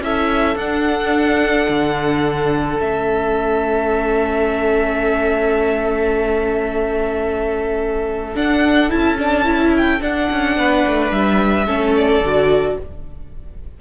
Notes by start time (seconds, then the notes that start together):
0.00 C#4 E4 A4 E5
0.55 D4 F#5
1.68 D3
2.78 A3 C#4 E5
8.35 D4 F#5
8.89 C#4 E4 A5
9.18 D4
9.44 E4
9.77 G5
10.00 D4 F#5
10.32 C#4
10.57 B3 B4
10.87 A3
11.11 G3 E5
11.67 A3 C#4 A4
11.97 D5
12.20 D3 F#4